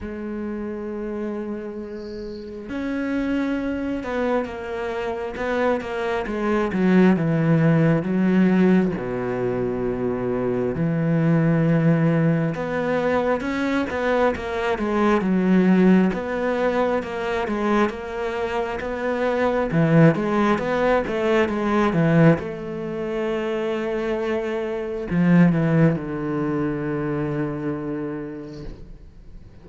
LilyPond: \new Staff \with { instrumentName = "cello" } { \time 4/4 \tempo 4 = 67 gis2. cis'4~ | cis'8 b8 ais4 b8 ais8 gis8 fis8 | e4 fis4 b,2 | e2 b4 cis'8 b8 |
ais8 gis8 fis4 b4 ais8 gis8 | ais4 b4 e8 gis8 b8 a8 | gis8 e8 a2. | f8 e8 d2. | }